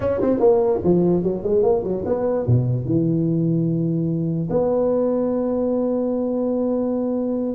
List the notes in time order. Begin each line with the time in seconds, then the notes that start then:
0.00 C#4
0.21 C4
0.39 A#3
0.84 F3
1.23 F#3
1.43 G#3
1.63 A#3
1.83 F#3
2.05 B3
2.47 B2
2.85 E3
4.50 B3